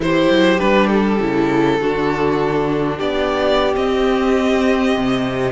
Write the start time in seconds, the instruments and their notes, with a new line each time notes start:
0.00 cello E3, viola E4, violin G4 C5
0.29 cello F#3
0.58 cello G3, viola D4, violin B4
0.87 violin A4
1.19 cello C#3, viola E4
1.80 cello D3, viola D4, violin F#4
2.97 cello B3, violin G4 D5
3.74 viola C4, cello C4, violin D#5
4.97 cello C3